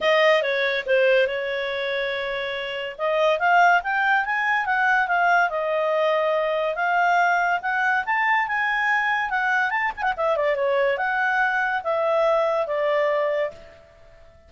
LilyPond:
\new Staff \with { instrumentName = "clarinet" } { \time 4/4 \tempo 4 = 142 dis''4 cis''4 c''4 cis''4~ | cis''2. dis''4 | f''4 g''4 gis''4 fis''4 | f''4 dis''2. |
f''2 fis''4 a''4 | gis''2 fis''4 a''8 gis''16 fis''16 | e''8 d''8 cis''4 fis''2 | e''2 d''2 | }